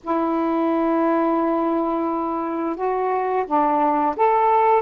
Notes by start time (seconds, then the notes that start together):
0.03 E4
2.76 F#4
3.46 D4
4.16 A4